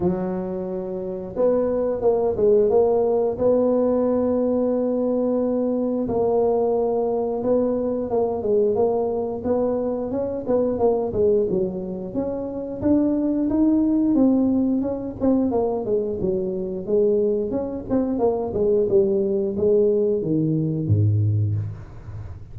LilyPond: \new Staff \with { instrumentName = "tuba" } { \time 4/4 \tempo 4 = 89 fis2 b4 ais8 gis8 | ais4 b2.~ | b4 ais2 b4 | ais8 gis8 ais4 b4 cis'8 b8 |
ais8 gis8 fis4 cis'4 d'4 | dis'4 c'4 cis'8 c'8 ais8 gis8 | fis4 gis4 cis'8 c'8 ais8 gis8 | g4 gis4 dis4 gis,4 | }